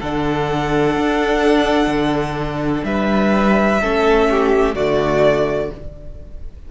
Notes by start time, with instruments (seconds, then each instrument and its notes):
0.00 cello D3, viola D4, violin A4 F#5
0.97 cello D4
1.87 cello D3
2.84 cello G3, violin B4 E5
3.82 cello A3, viola C#4, violin A4
4.31 violin G4
4.75 cello D3, viola A3, violin F#4 D5